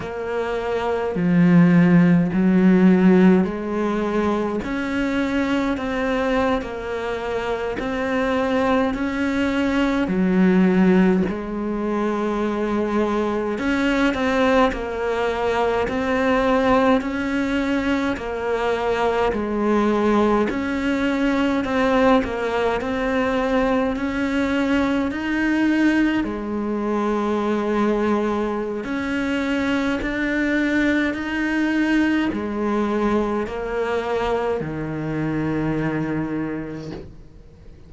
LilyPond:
\new Staff \with { instrumentName = "cello" } { \time 4/4 \tempo 4 = 52 ais4 f4 fis4 gis4 | cis'4 c'8. ais4 c'4 cis'16~ | cis'8. fis4 gis2 cis'16~ | cis'16 c'8 ais4 c'4 cis'4 ais16~ |
ais8. gis4 cis'4 c'8 ais8 c'16~ | c'8. cis'4 dis'4 gis4~ gis16~ | gis4 cis'4 d'4 dis'4 | gis4 ais4 dis2 | }